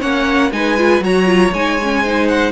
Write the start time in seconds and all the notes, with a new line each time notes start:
0.00 A#3 C#4 C#5 F#5
0.52 G#3 D#4 B4 G#5
0.78 F4
1.01 F#3 F#4 C#5 A#5
1.26 F4
1.53 G#3 D#4 G#5
1.83 C#4
2.03 D#4 C5
2.28 F#5